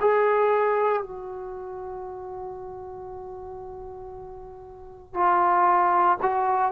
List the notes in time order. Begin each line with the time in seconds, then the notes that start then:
0.00 G#4
1.02 F#4
5.13 F4
6.22 F#4